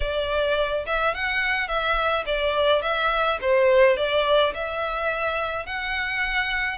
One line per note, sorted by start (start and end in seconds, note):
0.00 0.85 D5
0.86 1.14 E5
1.14 1.67 F#5
1.67 2.24 E5
2.25 2.81 D5
2.81 3.38 E5
3.41 3.96 C5
3.96 4.53 D5
4.54 5.66 E5
5.66 6.78 F#5